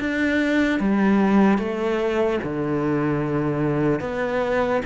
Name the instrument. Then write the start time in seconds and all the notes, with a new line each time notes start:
cello
0.00 D4
0.80 G3
1.58 A3
2.43 D3
4.01 B3